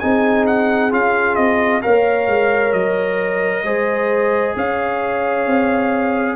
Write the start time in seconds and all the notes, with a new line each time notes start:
0.00 C4 D#4 G#4 G#5
0.47 F#5
0.91 C#4 F4 F5
1.36 C4 D#5
1.82 A#3 A#4 C#5 F5
2.28 G#3
2.73 F#3 D#5
3.64 G#3 G#4 C5
4.56 C#4 C#5 F5
5.47 C4